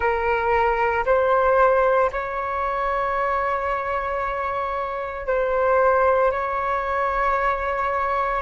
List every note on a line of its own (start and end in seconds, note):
0.00 1.04 A#4
1.05 2.11 C5
2.11 5.26 C#5
5.26 6.32 C5
6.32 8.42 C#5